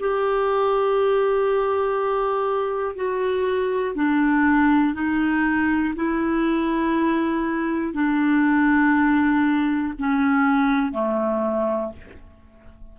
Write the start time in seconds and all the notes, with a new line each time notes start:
0.00 G4
2.95 F#4
3.95 D4
4.95 D#4
5.96 E4
7.94 D4
9.99 C#4
10.92 A3